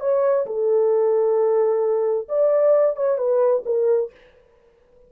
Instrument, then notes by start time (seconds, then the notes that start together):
horn
0.00 C#5
0.46 A4
2.28 D5
2.96 C#5
3.17 B4
3.65 A#4